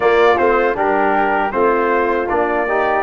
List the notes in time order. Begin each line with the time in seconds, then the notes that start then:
0.00 A#3 F4 D5
0.37 A3 C4 C5
0.74 G3 D4 G4 A#4
1.51 A3 C4 F4 C5
2.28 A#3 D4 D5
2.66 D#4 G4